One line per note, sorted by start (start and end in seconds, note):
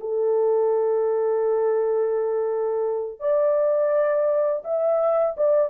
0.00 3.19 A4
3.19 4.62 D5
4.64 5.36 E5
5.37 5.69 D5